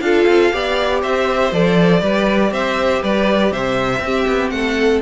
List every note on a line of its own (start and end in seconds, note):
0.00 0.25 D4
0.00 0.52 F4
0.00 0.54 A4
0.00 1.00 F5
0.26 0.51 C4
0.52 1.03 B3
0.52 1.52 G4
0.52 1.01 D5
1.01 1.52 C4
1.01 2.01 C5
1.01 1.52 E5
1.52 2.01 F3
1.52 2.00 A4
1.52 2.52 D5
2.00 2.51 G3
2.00 4.00 G4
2.00 2.51 B4
2.51 3.01 C4
2.51 3.02 C5
2.51 3.02 E5
3.02 3.51 G3
3.02 3.52 B4
3.02 3.52 D5
3.51 3.99 C3
3.51 4.02 C5
3.51 4.49 E5
3.99 4.24 C4
3.99 5.02 C4
3.99 4.54 G4
4.27 4.51 B3
4.49 5.01 A3
4.49 5.02 A4
4.49 4.99 F#5